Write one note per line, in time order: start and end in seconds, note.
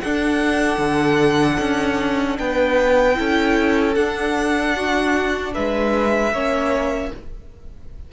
0.00 3.15 D4
0.00 0.78 D4
0.00 2.40 A4
0.00 2.37 F#5
0.78 1.57 D3
1.59 2.38 C#4
2.38 3.18 B3
2.38 3.18 B4
2.38 3.94 G5
3.15 3.96 C#4
3.15 3.94 E4
3.15 4.75 A4
3.94 5.54 D4
3.94 6.33 D4
3.94 5.52 F#5
4.75 5.54 F#4
5.54 6.32 G#3
5.54 6.32 B4
5.54 7.12 E5
6.32 7.11 A#3
6.32 7.12 C#4
6.32 7.11 C#5